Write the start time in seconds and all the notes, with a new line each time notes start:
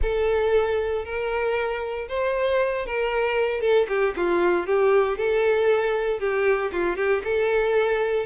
0.01 A4
1.04 A#4
2.08 C5
2.86 A#4
3.61 A4
3.88 G4
4.16 F4
4.66 G4
5.17 A4
6.19 G4
6.71 F4
6.96 G4
7.24 A4